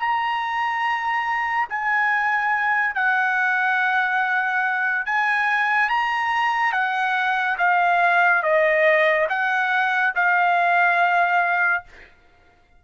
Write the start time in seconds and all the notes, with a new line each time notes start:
0.00 A#5
1.70 G#5
2.95 F#5
5.06 G#5
5.90 A#5
6.73 F#5
7.59 F5
8.43 D#5
9.30 F#5
10.16 F5